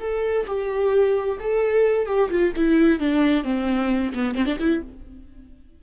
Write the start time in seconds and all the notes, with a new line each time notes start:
0.00 A4
0.47 G4
1.39 A4
2.07 G4
2.30 F4
2.56 E4
3.00 D4
3.44 C4
4.14 B3
4.35 C4
4.46 D4
4.59 E4